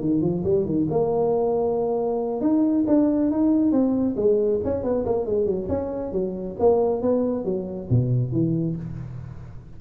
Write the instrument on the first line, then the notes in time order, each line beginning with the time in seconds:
tuba
0.00 D#3
0.21 F3
0.44 G3
0.65 D#3
0.90 A#3
2.41 D#4
2.87 D4
3.31 D#4
3.72 C4
4.16 G#3
4.64 C#4
4.83 B3
5.05 A#3
5.25 G#3
5.46 F#3
5.69 C#4
6.12 F#3
6.59 A#3
7.02 B3
7.45 F#3
7.90 B2
8.32 E3